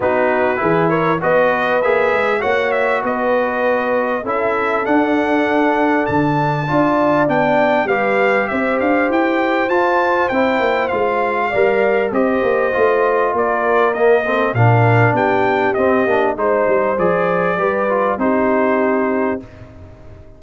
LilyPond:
<<
  \new Staff \with { instrumentName = "trumpet" } { \time 4/4 \tempo 4 = 99 b'4. cis''8 dis''4 e''4 | fis''8 e''8 dis''2 e''4 | fis''2 a''2 | g''4 f''4 e''8 f''8 g''4 |
a''4 g''4 f''2 | dis''2 d''4 dis''4 | f''4 g''4 dis''4 c''4 | d''2 c''2 | }
  \new Staff \with { instrumentName = "horn" } { \time 4/4 fis'4 gis'8 ais'8 b'2 | cis''4 b'2 a'4~ | a'2. d''4~ | d''4 b'4 c''2~ |
c''2. d''4 | c''2 ais'4. a'8 | ais'4 g'2 c''4~ | c''4 b'4 g'2 | }
  \new Staff \with { instrumentName = "trombone" } { \time 4/4 dis'4 e'4 fis'4 gis'4 | fis'2. e'4 | d'2. f'4 | d'4 g'2. |
f'4 e'4 f'4 ais'4 | g'4 f'2 ais8 c'8 | d'2 c'8 d'8 dis'4 | gis'4 g'8 f'8 dis'2 | }
  \new Staff \with { instrumentName = "tuba" } { \time 4/4 b4 e4 b4 ais8 gis8 | ais4 b2 cis'4 | d'2 d4 d'4 | b4 g4 c'8 d'8 e'4 |
f'4 c'8 ais8 gis4 g4 | c'8 ais8 a4 ais2 | ais,4 b4 c'8 ais8 gis8 g8 | f4 g4 c'2 | }
>>